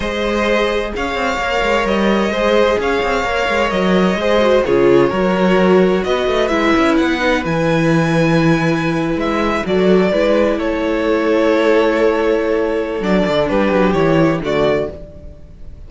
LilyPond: <<
  \new Staff \with { instrumentName = "violin" } { \time 4/4 \tempo 4 = 129 dis''2 f''2 | dis''2 f''2 | dis''2 cis''2~ | cis''4 dis''4 e''4 fis''4 |
gis''2.~ gis''8. e''16~ | e''8. d''2 cis''4~ cis''16~ | cis''1 | d''4 b'4 cis''4 d''4 | }
  \new Staff \with { instrumentName = "violin" } { \time 4/4 c''2 cis''2~ | cis''4 c''4 cis''2~ | cis''4 c''4 gis'4 ais'4~ | ais'4 b'2.~ |
b'1~ | b'8. a'4 b'4 a'4~ a'16~ | a'1~ | a'4 g'2 fis'4 | }
  \new Staff \with { instrumentName = "viola" } { \time 4/4 gis'2. ais'4~ | ais'4 gis'2 ais'4~ | ais'4 gis'8 fis'8 f'4 fis'4~ | fis'2 e'4. dis'8 |
e'1~ | e'8. fis'4 e'2~ e'16~ | e'1 | d'2 e'4 a4 | }
  \new Staff \with { instrumentName = "cello" } { \time 4/4 gis2 cis'8 c'8 ais8 gis8 | g4 gis4 cis'8 c'8 ais8 gis8 | fis4 gis4 cis4 fis4~ | fis4 b8 a8 gis8 cis'8 b4 |
e2.~ e8. gis16~ | gis8. fis4 gis4 a4~ a16~ | a1 | fis8 d8 g8 fis8 e4 d4 | }
>>